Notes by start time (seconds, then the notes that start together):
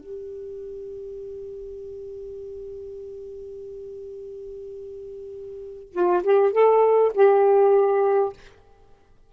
0.00 G4
5.92 F4
6.23 G4
6.53 A4
7.14 G4